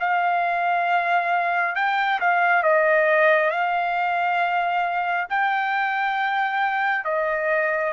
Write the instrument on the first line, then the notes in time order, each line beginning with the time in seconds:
trumpet
0.00 F5
1.76 G5
2.20 F5
2.63 D#5
3.51 F5
5.30 G5
7.05 D#5